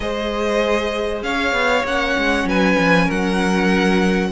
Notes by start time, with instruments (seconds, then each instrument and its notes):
0.00 cello G#3, viola G#4, violin C5 D#5
1.22 cello C#4, violin C#5 F5
1.52 cello B3
1.84 cello A#3, viola C#4, violin F#5
2.17 cello G#3
2.44 cello F#3, violin B4 G#5
2.78 cello F3
3.05 cello F#3, violin A#4 F#5